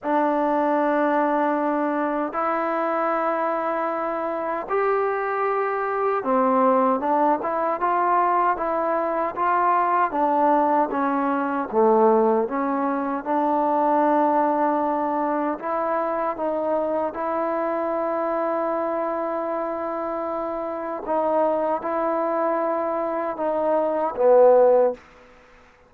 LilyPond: \new Staff \with { instrumentName = "trombone" } { \time 4/4 \tempo 4 = 77 d'2. e'4~ | e'2 g'2 | c'4 d'8 e'8 f'4 e'4 | f'4 d'4 cis'4 a4 |
cis'4 d'2. | e'4 dis'4 e'2~ | e'2. dis'4 | e'2 dis'4 b4 | }